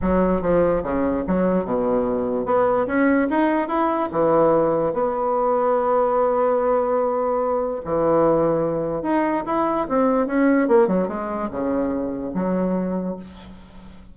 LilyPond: \new Staff \with { instrumentName = "bassoon" } { \time 4/4 \tempo 4 = 146 fis4 f4 cis4 fis4 | b,2 b4 cis'4 | dis'4 e'4 e2 | b1~ |
b2. e4~ | e2 dis'4 e'4 | c'4 cis'4 ais8 fis8 gis4 | cis2 fis2 | }